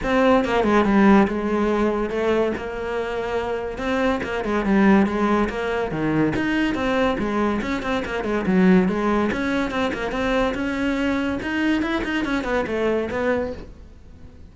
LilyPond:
\new Staff \with { instrumentName = "cello" } { \time 4/4 \tempo 4 = 142 c'4 ais8 gis8 g4 gis4~ | gis4 a4 ais2~ | ais4 c'4 ais8 gis8 g4 | gis4 ais4 dis4 dis'4 |
c'4 gis4 cis'8 c'8 ais8 gis8 | fis4 gis4 cis'4 c'8 ais8 | c'4 cis'2 dis'4 | e'8 dis'8 cis'8 b8 a4 b4 | }